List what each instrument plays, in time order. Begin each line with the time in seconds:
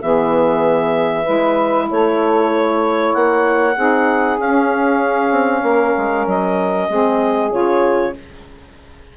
0.00 bassoon E3, saxophone B3 G#4, clarinet E5
1.23 bassoon G#3, saxophone E4 B4
1.89 bassoon A3, saxophone A4, clarinet C#5
2.54 saxophone C#5
3.14 bassoon A#3, clarinet F#5
3.75 bassoon C4, saxophone D#4 G#4
4.39 bassoon C#4, saxophone C#4, clarinet F5
5.31 bassoon C4
5.63 bassoon A#3, saxophone A#4
5.97 bassoon G#3
6.27 bassoon F#3, clarinet D#5
6.88 bassoon G#3, saxophone C4 G#4
7.51 bassoon C#3, saxophone F4, clarinet C#5